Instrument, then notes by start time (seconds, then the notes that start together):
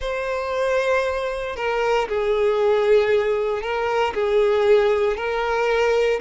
violin
0.00 C5
1.56 A#4
2.08 G#4
3.61 A#4
4.14 G#4
5.16 A#4